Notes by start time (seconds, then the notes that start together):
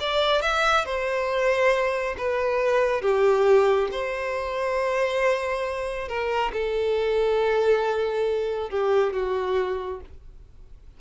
0.00 D5
0.42 E5
0.85 C5
2.18 B4
3.02 G4
3.92 C5
6.08 A#4
6.53 A4
8.70 G4
9.13 F#4